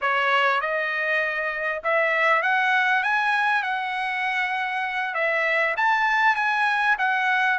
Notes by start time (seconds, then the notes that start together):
0.01 C#5
0.60 D#5
1.83 E5
2.42 F#5
3.03 G#5
3.62 F#5
5.14 E5
5.77 A5
6.35 G#5
6.98 F#5